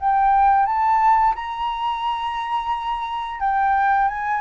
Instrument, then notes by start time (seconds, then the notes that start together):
flute
0.00 G5
0.66 A5
1.36 A#5
3.40 G5
4.08 G#5